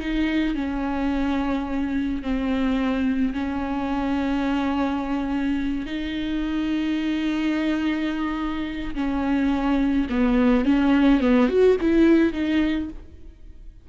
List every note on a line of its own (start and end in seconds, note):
0.00 0.55 D#4
0.55 2.23 C#4
2.23 3.34 C4
3.34 5.86 C#4
5.86 8.95 D#4
8.95 10.08 C#4
10.10 10.66 B3
10.66 11.21 C#4
11.21 11.49 B3
11.49 11.77 F#4
11.81 12.33 E4
12.33 12.89 D#4